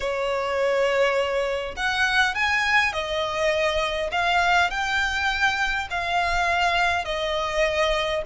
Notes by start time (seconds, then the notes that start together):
0.00 C#5
1.76 F#5
2.34 G#5
2.92 D#5
4.11 F5
4.70 G5
5.90 F5
7.05 D#5